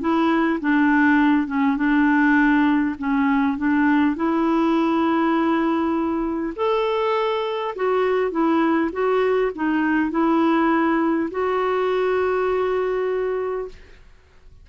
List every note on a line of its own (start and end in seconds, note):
0.00 0.59 E4
0.60 1.47 D4
1.47 1.77 C#4
1.77 2.95 D4
2.98 3.57 C#4
3.57 4.16 D4
4.16 6.53 E4
6.56 7.75 A4
7.76 8.31 F#4
8.31 8.90 E4
8.92 9.52 F#4
9.55 10.10 D#4
10.10 11.29 E4
11.31 13.68 F#4